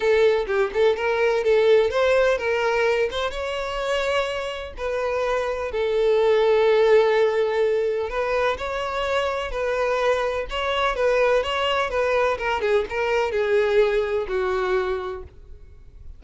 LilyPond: \new Staff \with { instrumentName = "violin" } { \time 4/4 \tempo 4 = 126 a'4 g'8 a'8 ais'4 a'4 | c''4 ais'4. c''8 cis''4~ | cis''2 b'2 | a'1~ |
a'4 b'4 cis''2 | b'2 cis''4 b'4 | cis''4 b'4 ais'8 gis'8 ais'4 | gis'2 fis'2 | }